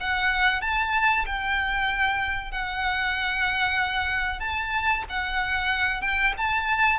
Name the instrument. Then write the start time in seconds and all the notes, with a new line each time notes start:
violin
0.00 F#5
0.61 A5
1.25 G5
2.51 F#5
4.40 A5
5.09 F#5
6.01 G5
6.37 A5